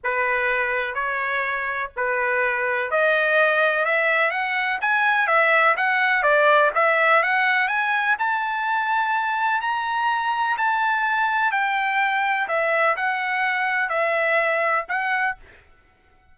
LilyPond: \new Staff \with { instrumentName = "trumpet" } { \time 4/4 \tempo 4 = 125 b'2 cis''2 | b'2 dis''2 | e''4 fis''4 gis''4 e''4 | fis''4 d''4 e''4 fis''4 |
gis''4 a''2. | ais''2 a''2 | g''2 e''4 fis''4~ | fis''4 e''2 fis''4 | }